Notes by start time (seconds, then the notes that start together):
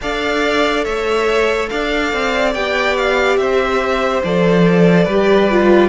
0.01 D4 A4 D5 F5
0.84 A3 C#5 E5
1.69 D4 D5 F5
2.12 C4
2.54 B3 G4 G5
2.96 F5
3.37 C4 C5 E5
4.23 F3 A4 D5
5.04 G3 G4 B4
5.51 F4